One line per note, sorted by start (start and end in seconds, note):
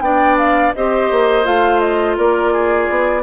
0.00 0.71 B3
0.00 0.74 D4
0.00 0.75 D5
0.00 0.36 G5
0.38 0.73 F5
0.74 1.10 C4
0.74 1.43 G4
0.74 2.17 C5
0.74 1.46 D#5
1.10 1.46 A#3
1.43 2.17 A3
1.43 3.22 F4
1.43 1.79 F5
1.79 2.15 D#5
2.17 2.89 A#3
2.17 2.52 A#4
2.17 3.22 D5
2.52 3.22 G#4
2.89 3.22 B3